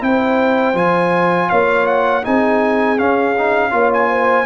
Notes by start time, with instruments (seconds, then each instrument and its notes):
0.00 tuba C4, trombone E4, horn C5, trumpet G5
0.74 tuba F3, trombone F4, trumpet G#5
1.49 tuba A#3, horn C#5, trumpet F5
1.87 trumpet F#5
2.23 tuba C4, trombone D#4, horn G#4, trumpet G#5
2.97 trombone C#4, tuba C#4, trumpet F5
3.38 trombone D#4
3.71 tuba A#3, trombone F4, horn C#5
3.94 trumpet G#5
4.09 horn C5